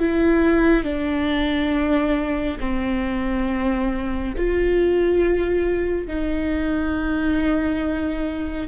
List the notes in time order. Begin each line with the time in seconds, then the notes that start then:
0.00 E4
0.84 D4
2.60 C4
4.38 F4
6.08 D#4